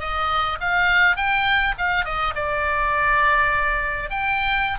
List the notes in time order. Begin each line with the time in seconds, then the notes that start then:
0.00 D#5
0.60 F5
1.16 G5
1.78 F5
2.05 D#5
2.35 D5
4.10 G5